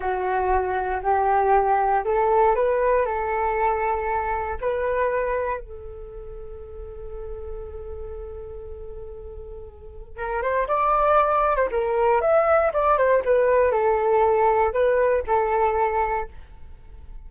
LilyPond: \new Staff \with { instrumentName = "flute" } { \time 4/4 \tempo 4 = 118 fis'2 g'2 | a'4 b'4 a'2~ | a'4 b'2 a'4~ | a'1~ |
a'1 | ais'8 c''8 d''4.~ d''16 c''16 ais'4 | e''4 d''8 c''8 b'4 a'4~ | a'4 b'4 a'2 | }